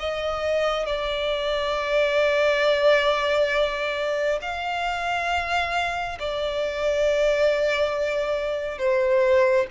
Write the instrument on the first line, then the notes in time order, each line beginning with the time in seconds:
violin
0.00 D#5
0.87 D5
4.42 F5
6.20 D5
8.79 C5